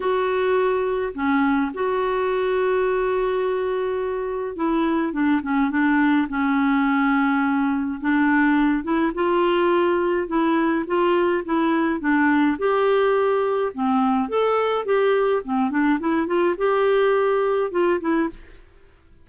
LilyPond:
\new Staff \with { instrumentName = "clarinet" } { \time 4/4 \tempo 4 = 105 fis'2 cis'4 fis'4~ | fis'1 | e'4 d'8 cis'8 d'4 cis'4~ | cis'2 d'4. e'8 |
f'2 e'4 f'4 | e'4 d'4 g'2 | c'4 a'4 g'4 c'8 d'8 | e'8 f'8 g'2 f'8 e'8 | }